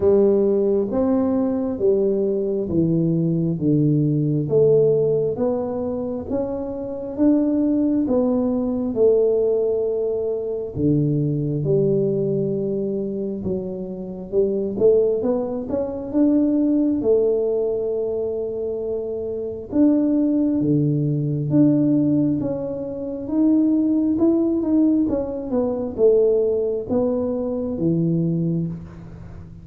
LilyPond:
\new Staff \with { instrumentName = "tuba" } { \time 4/4 \tempo 4 = 67 g4 c'4 g4 e4 | d4 a4 b4 cis'4 | d'4 b4 a2 | d4 g2 fis4 |
g8 a8 b8 cis'8 d'4 a4~ | a2 d'4 d4 | d'4 cis'4 dis'4 e'8 dis'8 | cis'8 b8 a4 b4 e4 | }